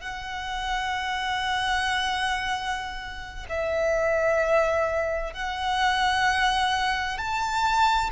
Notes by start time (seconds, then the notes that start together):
0.00 F#5
3.49 E5
5.33 F#5
7.17 A5